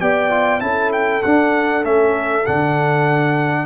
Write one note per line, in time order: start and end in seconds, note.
0.00 0.61 B3
0.00 0.30 G4
0.00 0.63 D5
0.00 0.61 G5
0.30 0.60 F4
0.60 1.23 C#4
0.60 1.22 E4
0.60 3.66 A4
0.60 0.91 A5
0.93 1.23 G5
1.23 1.84 D4
1.23 1.83 D4
1.23 1.84 F#5
1.83 2.45 A3
1.83 2.44 C#4
1.83 2.46 E5
2.46 3.66 D3
2.46 3.66 D4
2.46 3.66 F#5